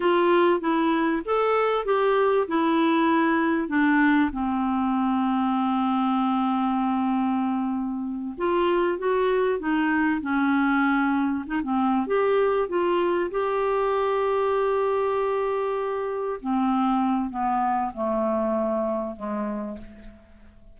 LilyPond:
\new Staff \with { instrumentName = "clarinet" } { \time 4/4 \tempo 4 = 97 f'4 e'4 a'4 g'4 | e'2 d'4 c'4~ | c'1~ | c'4. f'4 fis'4 dis'8~ |
dis'8 cis'2 dis'16 c'8. g'8~ | g'8 f'4 g'2~ g'8~ | g'2~ g'8 c'4. | b4 a2 gis4 | }